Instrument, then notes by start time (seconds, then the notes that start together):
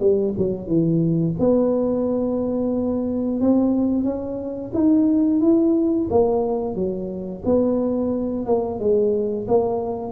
tuba
0.00 G3
0.38 F#3
0.67 E3
1.39 B3
3.41 C4
4.04 C#4
4.74 D#4
5.41 E4
6.10 A#3
6.75 F#3
7.45 B3
8.46 A#3
8.79 G#3
9.48 A#3